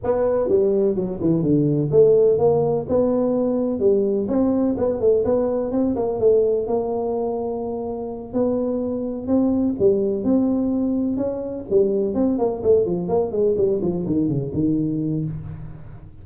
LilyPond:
\new Staff \with { instrumentName = "tuba" } { \time 4/4 \tempo 4 = 126 b4 g4 fis8 e8 d4 | a4 ais4 b2 | g4 c'4 b8 a8 b4 | c'8 ais8 a4 ais2~ |
ais4. b2 c'8~ | c'8 g4 c'2 cis'8~ | cis'8 g4 c'8 ais8 a8 f8 ais8 | gis8 g8 f8 dis8 cis8 dis4. | }